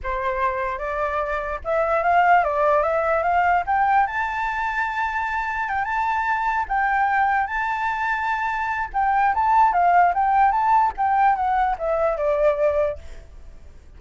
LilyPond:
\new Staff \with { instrumentName = "flute" } { \time 4/4 \tempo 4 = 148 c''2 d''2 | e''4 f''4 d''4 e''4 | f''4 g''4 a''2~ | a''2 g''8 a''4.~ |
a''8 g''2 a''4.~ | a''2 g''4 a''4 | f''4 g''4 a''4 g''4 | fis''4 e''4 d''2 | }